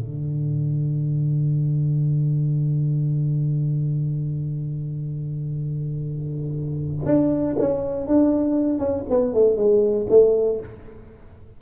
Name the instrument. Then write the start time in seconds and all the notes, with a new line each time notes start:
tuba
0.00 D3
7.05 D4
7.59 C#4
8.07 D4
8.79 C#4
9.09 B3
9.34 A3
9.56 G#3
10.10 A3